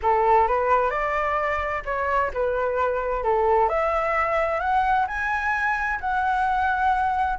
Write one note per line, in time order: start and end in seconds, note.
0.02 0.47 A4
0.47 0.90 B4
0.90 1.83 D5
1.85 2.31 C#5
2.33 3.23 B4
3.23 3.68 A4
3.68 4.60 E5
4.60 5.06 F#5
5.07 5.99 G#5
6.00 7.38 F#5